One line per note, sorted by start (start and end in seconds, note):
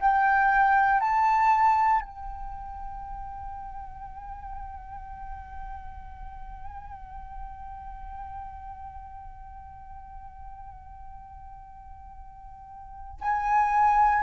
0.00 1.01 G5
1.01 2.01 A5
2.01 13.20 G5
13.21 14.23 G#5